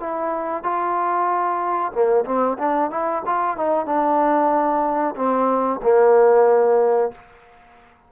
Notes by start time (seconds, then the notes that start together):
0.00 E4
0.63 F4
1.92 A#3
2.25 C4
2.58 D4
2.91 E4
3.26 F4
3.57 D#4
3.86 D4
5.16 C4
5.83 A#3